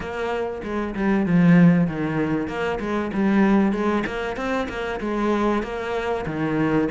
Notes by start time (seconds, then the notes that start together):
0.00 A#3
0.62 G#3
0.95 G3
1.26 F3
1.87 D#3
2.47 A#3
2.80 G#3
3.13 G3
3.72 G#3
4.06 A#3
4.36 C4
4.68 A#3
5.00 G#3
5.62 A#3
6.26 D#3